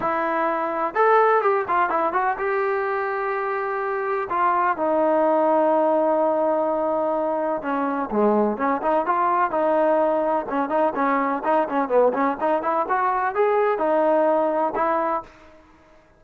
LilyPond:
\new Staff \with { instrumentName = "trombone" } { \time 4/4 \tempo 4 = 126 e'2 a'4 g'8 f'8 | e'8 fis'8 g'2.~ | g'4 f'4 dis'2~ | dis'1 |
cis'4 gis4 cis'8 dis'8 f'4 | dis'2 cis'8 dis'8 cis'4 | dis'8 cis'8 b8 cis'8 dis'8 e'8 fis'4 | gis'4 dis'2 e'4 | }